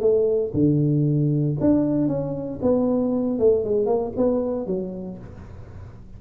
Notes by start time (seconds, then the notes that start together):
0.00 A3
0.54 D3
1.60 D4
2.08 C#4
2.62 B3
3.38 A3
3.64 G#3
3.86 A#3
4.16 B3
4.66 F#3